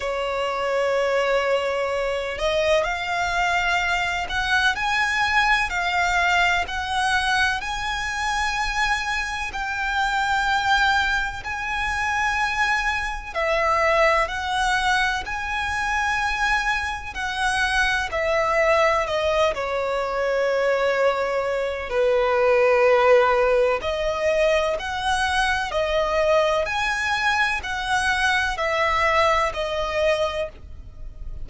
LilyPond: \new Staff \with { instrumentName = "violin" } { \time 4/4 \tempo 4 = 63 cis''2~ cis''8 dis''8 f''4~ | f''8 fis''8 gis''4 f''4 fis''4 | gis''2 g''2 | gis''2 e''4 fis''4 |
gis''2 fis''4 e''4 | dis''8 cis''2~ cis''8 b'4~ | b'4 dis''4 fis''4 dis''4 | gis''4 fis''4 e''4 dis''4 | }